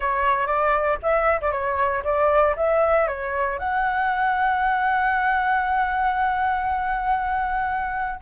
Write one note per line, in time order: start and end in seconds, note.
0.00 0.47 C#5
0.47 0.98 D5
1.02 1.40 E5
1.41 1.51 D5
1.51 2.03 C#5
2.04 2.55 D5
2.56 3.07 E5
3.07 3.58 C#5
3.58 8.20 F#5